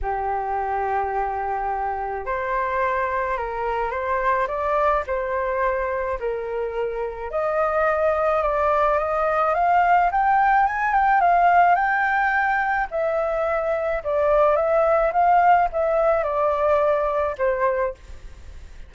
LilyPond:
\new Staff \with { instrumentName = "flute" } { \time 4/4 \tempo 4 = 107 g'1 | c''2 ais'4 c''4 | d''4 c''2 ais'4~ | ais'4 dis''2 d''4 |
dis''4 f''4 g''4 gis''8 g''8 | f''4 g''2 e''4~ | e''4 d''4 e''4 f''4 | e''4 d''2 c''4 | }